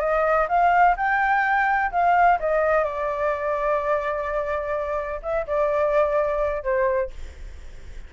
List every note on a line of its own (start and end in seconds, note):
0.00 0.47 D#5
0.49 0.96 F5
0.97 1.91 G5
1.92 2.39 F5
2.40 2.84 D#5
2.84 5.21 D5
5.23 5.46 E5
5.47 6.63 D5
6.63 7.11 C5